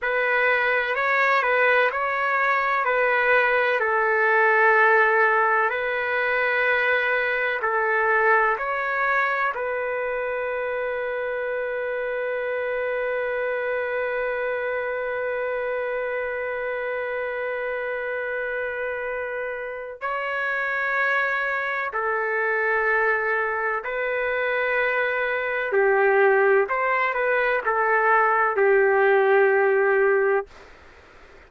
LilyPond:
\new Staff \with { instrumentName = "trumpet" } { \time 4/4 \tempo 4 = 63 b'4 cis''8 b'8 cis''4 b'4 | a'2 b'2 | a'4 cis''4 b'2~ | b'1~ |
b'1~ | b'4 cis''2 a'4~ | a'4 b'2 g'4 | c''8 b'8 a'4 g'2 | }